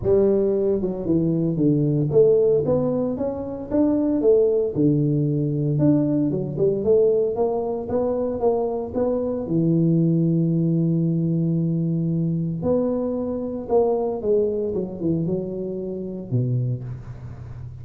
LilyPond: \new Staff \with { instrumentName = "tuba" } { \time 4/4 \tempo 4 = 114 g4. fis8 e4 d4 | a4 b4 cis'4 d'4 | a4 d2 d'4 | fis8 g8 a4 ais4 b4 |
ais4 b4 e2~ | e1 | b2 ais4 gis4 | fis8 e8 fis2 b,4 | }